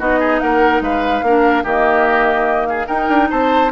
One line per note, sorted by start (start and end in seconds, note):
0.00 0.42 B3
0.00 1.25 D#4
0.00 0.20 F#4
0.00 0.40 D#5
0.20 0.40 G#4
0.40 0.81 A#3
0.40 0.84 A#4
0.40 0.81 F#5
0.81 1.22 G#3
0.81 1.25 B4
0.81 1.66 F5
1.23 1.64 A#3
1.23 1.65 D4
1.23 1.64 A#4
1.64 2.88 D#3
1.64 2.89 A#3
1.64 2.67 G4
1.64 2.67 D#5
2.67 2.87 G#4
2.67 2.87 F5
2.87 3.09 D#4
2.87 3.72 D#4
2.87 3.29 A#4
2.87 3.29 G5
3.09 3.30 D4
3.31 3.72 C4
3.31 3.72 C5
3.31 3.72 A5